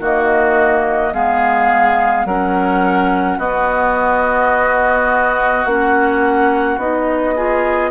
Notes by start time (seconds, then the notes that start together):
0.00 D#3 A#3 F#4 D#5
1.13 G#3 B3 G#4 F5
2.25 F#3 C#4 A#4 F#5
3.38 B3 F#4 D#5
5.65 A#3 C#4 F#5
6.78 B3 D#4 D#5
7.36 F4 G#4